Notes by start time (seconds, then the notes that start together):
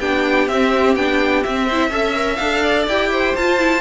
0.00 B3 D4 G4 G5
0.48 C4 E5
0.96 B3 D4 G5
1.43 C4 E5
1.66 E4 C5
1.91 C#4 A4 E5
2.15 A#4
2.36 D4 A4 F5
2.62 D5
2.87 E4 G4 G5
3.12 C5
3.36 F4 A5
3.59 E4